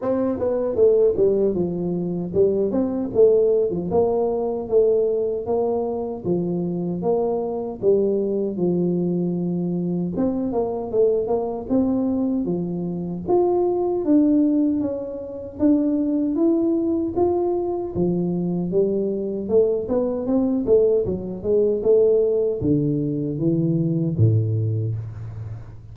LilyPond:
\new Staff \with { instrumentName = "tuba" } { \time 4/4 \tempo 4 = 77 c'8 b8 a8 g8 f4 g8 c'8 | a8. f16 ais4 a4 ais4 | f4 ais4 g4 f4~ | f4 c'8 ais8 a8 ais8 c'4 |
f4 f'4 d'4 cis'4 | d'4 e'4 f'4 f4 | g4 a8 b8 c'8 a8 fis8 gis8 | a4 d4 e4 a,4 | }